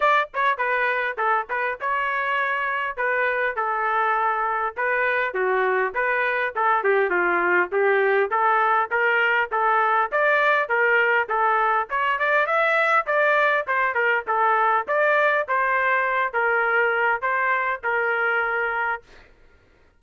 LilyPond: \new Staff \with { instrumentName = "trumpet" } { \time 4/4 \tempo 4 = 101 d''8 cis''8 b'4 a'8 b'8 cis''4~ | cis''4 b'4 a'2 | b'4 fis'4 b'4 a'8 g'8 | f'4 g'4 a'4 ais'4 |
a'4 d''4 ais'4 a'4 | cis''8 d''8 e''4 d''4 c''8 ais'8 | a'4 d''4 c''4. ais'8~ | ais'4 c''4 ais'2 | }